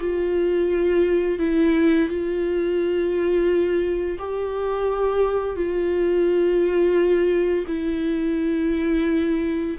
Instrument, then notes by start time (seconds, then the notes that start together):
viola
0.00 F4
1.39 E4
2.09 F4
4.19 G4
5.56 F4
7.67 E4